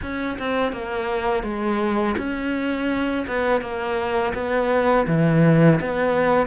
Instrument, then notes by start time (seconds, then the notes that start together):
cello
0.02 C#4
0.38 C4
0.72 A#3
1.43 G#3
2.17 C#4
3.27 B3
3.61 A#3
4.34 B3
5.07 E3
5.80 B3